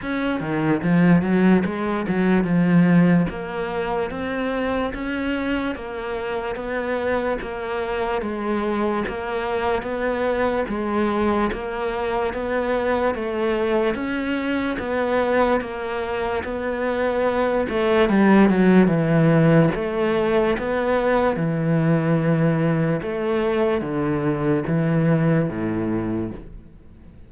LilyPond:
\new Staff \with { instrumentName = "cello" } { \time 4/4 \tempo 4 = 73 cis'8 dis8 f8 fis8 gis8 fis8 f4 | ais4 c'4 cis'4 ais4 | b4 ais4 gis4 ais4 | b4 gis4 ais4 b4 |
a4 cis'4 b4 ais4 | b4. a8 g8 fis8 e4 | a4 b4 e2 | a4 d4 e4 a,4 | }